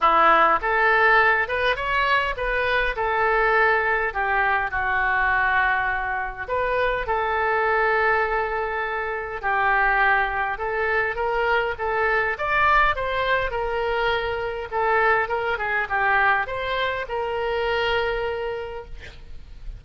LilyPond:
\new Staff \with { instrumentName = "oboe" } { \time 4/4 \tempo 4 = 102 e'4 a'4. b'8 cis''4 | b'4 a'2 g'4 | fis'2. b'4 | a'1 |
g'2 a'4 ais'4 | a'4 d''4 c''4 ais'4~ | ais'4 a'4 ais'8 gis'8 g'4 | c''4 ais'2. | }